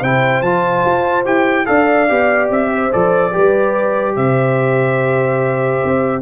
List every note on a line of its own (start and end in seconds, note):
0.00 0.42 C3
0.00 0.45 E4
0.00 1.66 C5
0.00 0.42 G5
0.42 0.83 F3
0.42 1.25 F4
0.42 1.25 A5
0.85 1.26 F4
1.25 1.68 E4
1.25 1.66 G4
1.25 1.66 G5
1.66 2.10 D4
1.66 2.07 A4
1.66 2.72 D5
1.66 2.49 F5
2.08 2.50 B3
2.08 2.91 G4
2.50 2.91 C4
2.50 2.92 E5
2.74 3.32 C5
2.91 3.36 F3
2.91 3.32 A4
2.91 4.16 D5
3.32 4.16 G3
3.32 6.21 G4
3.32 4.15 B4
4.16 5.82 C3
4.16 6.22 C5
4.16 6.22 E5
5.84 6.22 C4